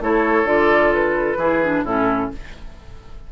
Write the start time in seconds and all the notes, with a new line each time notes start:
0.00 A3 E4 A4 C#5
0.44 D3 F4 D5
0.93 B4
1.36 E3 E4 G#4
1.63 D4
1.84 A2 C#4 E4 A4